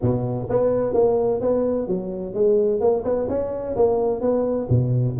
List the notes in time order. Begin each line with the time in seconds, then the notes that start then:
0.02 B2
0.49 B3
0.93 A#3
1.40 B3
1.87 F#3
2.34 G#3
2.80 A#3
3.04 B3
3.28 C#4
3.76 A#3
4.20 B3
4.69 B2